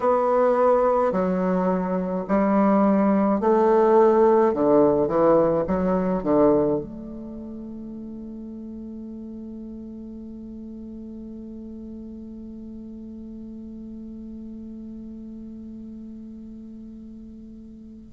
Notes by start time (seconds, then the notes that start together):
0.00 B3
1.12 F#3
2.27 G3
3.40 A3
4.53 D3
5.07 E3
5.67 F#3
6.23 D3
6.79 A3